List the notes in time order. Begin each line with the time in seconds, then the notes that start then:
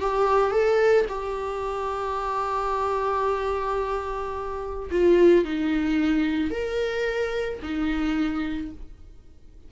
0.00 G4
0.51 A4
1.08 G4
4.91 F4
5.45 D#4
6.51 A#4
7.62 D#4